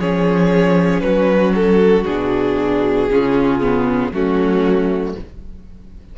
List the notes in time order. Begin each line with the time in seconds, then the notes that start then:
0.00 F3 C#4 G#4 C#5
1.01 F#3 F#4 B4
1.55 A4
2.04 B2 D4 G#4
3.10 C#3 C#4 F4
3.61 B3
4.11 F#3 A3 C#4 F#4